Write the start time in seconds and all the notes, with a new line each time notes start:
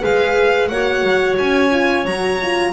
0.00 G#3 G#4 B4 F5
0.68 A#3 F#4 C#5 F#5
1.03 F#3
1.38 C#4 G#5
1.71 F4
2.05 F#3 F#4 A#5
2.42 F4